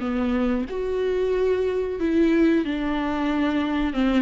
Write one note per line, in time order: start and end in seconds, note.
0.00 0.65 B3
0.69 1.99 F#4
1.99 2.64 E4
2.64 3.93 D4
3.93 4.22 C4